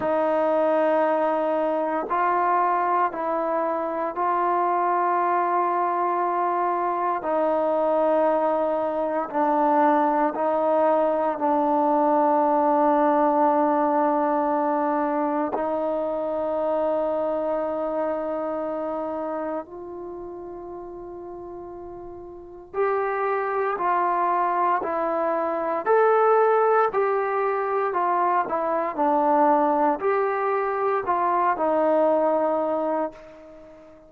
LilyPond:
\new Staff \with { instrumentName = "trombone" } { \time 4/4 \tempo 4 = 58 dis'2 f'4 e'4 | f'2. dis'4~ | dis'4 d'4 dis'4 d'4~ | d'2. dis'4~ |
dis'2. f'4~ | f'2 g'4 f'4 | e'4 a'4 g'4 f'8 e'8 | d'4 g'4 f'8 dis'4. | }